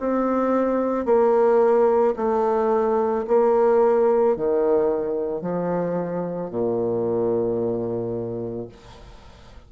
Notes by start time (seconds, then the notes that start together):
0.00 C4
1.05 A#3
2.16 A3
3.28 A#3
4.36 D#3
5.41 F3
6.50 A#2